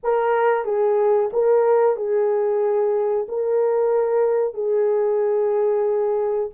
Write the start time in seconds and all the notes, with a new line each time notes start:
0.03 A#4
0.64 G#4
1.32 A#4
1.96 G#4
3.28 A#4
4.54 G#4